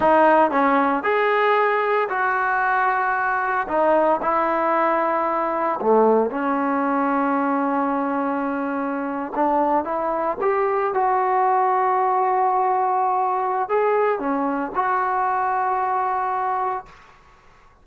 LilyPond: \new Staff \with { instrumentName = "trombone" } { \time 4/4 \tempo 4 = 114 dis'4 cis'4 gis'2 | fis'2. dis'4 | e'2. a4 | cis'1~ |
cis'4.~ cis'16 d'4 e'4 g'16~ | g'8. fis'2.~ fis'16~ | fis'2 gis'4 cis'4 | fis'1 | }